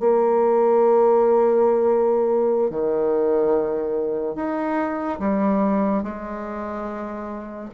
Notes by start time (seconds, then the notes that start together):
0.00 A#3
2.70 D#3
4.36 D#4
5.20 G3
6.03 G#3